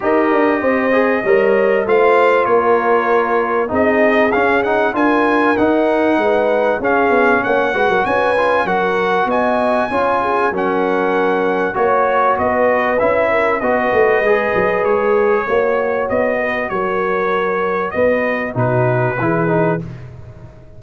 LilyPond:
<<
  \new Staff \with { instrumentName = "trumpet" } { \time 4/4 \tempo 4 = 97 dis''2. f''4 | cis''2 dis''4 f''8 fis''8 | gis''4 fis''2 f''4 | fis''4 gis''4 fis''4 gis''4~ |
gis''4 fis''2 cis''4 | dis''4 e''4 dis''2 | cis''2 dis''4 cis''4~ | cis''4 dis''4 b'2 | }
  \new Staff \with { instrumentName = "horn" } { \time 4/4 ais'4 c''4 cis''4 c''4 | ais'2 gis'2 | ais'2 b'4 gis'4 | cis''8 b'16 ais'16 b'4 ais'4 dis''4 |
cis''8 gis'8 ais'2 cis''4 | b'4. ais'8 b'2~ | b'4 cis''4. b'8 ais'4~ | ais'4 b'4 fis'4 gis'4 | }
  \new Staff \with { instrumentName = "trombone" } { \time 4/4 g'4. gis'8 ais'4 f'4~ | f'2 dis'4 cis'8 dis'8 | f'4 dis'2 cis'4~ | cis'8 fis'4 f'8 fis'2 |
f'4 cis'2 fis'4~ | fis'4 e'4 fis'4 gis'4~ | gis'4 fis'2.~ | fis'2 dis'4 e'8 dis'8 | }
  \new Staff \with { instrumentName = "tuba" } { \time 4/4 dis'8 d'8 c'4 g4 a4 | ais2 c'4 cis'4 | d'4 dis'4 gis4 cis'8 b8 | ais8 gis16 fis16 cis'4 fis4 b4 |
cis'4 fis2 ais4 | b4 cis'4 b8 a8 gis8 fis8 | gis4 ais4 b4 fis4~ | fis4 b4 b,4 e4 | }
>>